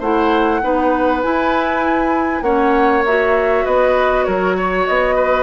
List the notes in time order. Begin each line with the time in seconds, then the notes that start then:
0.00 A3 E4 C5 F#5
0.62 B3 D#4 B4
1.23 E4 G#5
2.42 A#3 C#4 C#5 F#5
3.06 F#4 E5
3.65 B3 B4 D#5
4.25 F#3 A#4 C#5
4.57 C#5
4.87 B3 D#5
5.16 B4